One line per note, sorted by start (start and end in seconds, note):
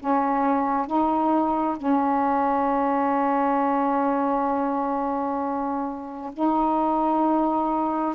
0.00 0.87 C#4
0.87 1.77 D#4
1.77 6.32 C#4
6.33 8.15 D#4